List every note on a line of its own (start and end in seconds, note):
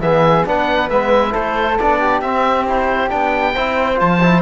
0.00 0.44 E3
0.00 0.46 B3
0.00 0.47 G#4
0.00 0.46 E5
0.46 0.90 B3
0.46 0.90 D4
0.46 1.33 B4
0.46 0.90 F#5
0.90 1.34 G#3
0.90 1.30 B3
0.90 1.34 E5
1.30 1.80 A3
1.30 1.74 E4
1.30 1.99 A4
1.30 1.79 C5
1.79 2.22 B3
1.79 2.23 D4
1.79 2.21 D5
2.00 3.54 G4
2.21 3.10 C4
2.21 2.67 C4
2.21 2.65 E5
2.67 3.09 E4
2.67 3.10 C5
3.09 3.56 B3
3.09 3.54 D4
3.09 3.99 G5
3.55 4.01 C4
3.55 3.96 E4
3.55 4.42 C5
3.96 4.42 F3
3.96 4.18 F4
3.96 4.42 A5
4.23 4.42 E4